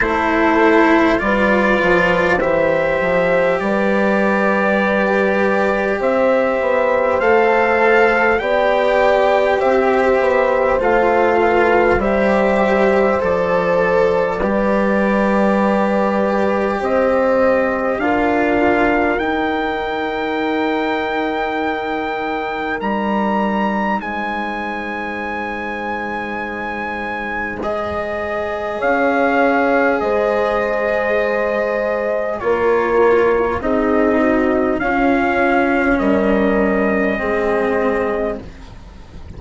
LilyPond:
<<
  \new Staff \with { instrumentName = "trumpet" } { \time 4/4 \tempo 4 = 50 c''4 d''4 e''4 d''4~ | d''4 e''4 f''4 g''4 | e''4 f''4 e''4 d''4~ | d''2 dis''4 f''4 |
g''2. ais''4 | gis''2. dis''4 | f''4 dis''2 cis''4 | dis''4 f''4 dis''2 | }
  \new Staff \with { instrumentName = "horn" } { \time 4/4 a'4 b'4 c''4 b'4~ | b'4 c''2 d''4 | c''4. b'8 c''2 | b'2 c''4 ais'4~ |
ais'1 | c''1 | cis''4 c''2 ais'4 | gis'8 fis'8 f'4 ais'4 gis'4 | }
  \new Staff \with { instrumentName = "cello" } { \time 4/4 e'4 f'4 g'2~ | g'2 a'4 g'4~ | g'4 f'4 g'4 a'4 | g'2. f'4 |
dis'1~ | dis'2. gis'4~ | gis'2. f'4 | dis'4 cis'2 c'4 | }
  \new Staff \with { instrumentName = "bassoon" } { \time 4/4 a4 g8 f8 e8 f8 g4~ | g4 c'8 b8 a4 b4 | c'8 b8 a4 g4 f4 | g2 c'4 d'4 |
dis'2. g4 | gis1 | cis'4 gis2 ais4 | c'4 cis'4 g4 gis4 | }
>>